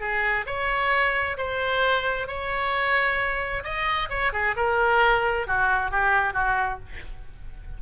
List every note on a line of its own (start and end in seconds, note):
0.00 0.45 G#4
0.46 1.37 C#5
1.37 2.27 C5
2.27 3.63 C#5
3.64 4.09 D#5
4.10 4.32 C#5
4.33 4.55 G#4
4.56 5.47 A#4
5.47 5.91 F#4
5.91 6.33 G4
6.33 6.79 F#4